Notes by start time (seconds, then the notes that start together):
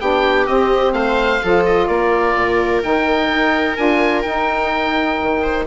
0.00 B3 D4 G4 G5
0.46 C4 D#5
0.93 A3 C5 F5
1.42 F3 F4 A4
1.65 D#5
1.87 A#3 A#4 D5
2.35 A#2
2.82 D#3 D#4 G5
3.29 D#4
3.76 D4 F4 G#5
4.22 D#4 G5
5.22 D#3
5.42 C5